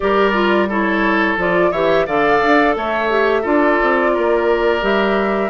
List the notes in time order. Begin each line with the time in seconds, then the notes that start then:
0.00 G3 G4 A#4 D5
0.33 F4
0.68 E4 A4 C#5
1.37 F3 F4 D5
1.71 E3 G4 C#5 E5
2.06 D3 A4 D5 F5
2.42 D4
2.75 A3 C#5 E5
3.09 G4
3.41 D4 F4 A4 D5
3.82 C4
4.14 A#3 A#4
4.81 G3 G4 E5